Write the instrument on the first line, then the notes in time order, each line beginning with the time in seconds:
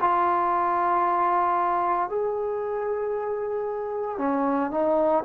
trombone
0.00 F4
2.09 G#4
4.18 C#4
4.71 D#4